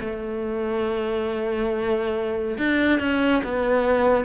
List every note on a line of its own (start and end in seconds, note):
0.00 2.57 A3
2.58 2.99 D4
2.99 3.42 C#4
3.44 4.24 B3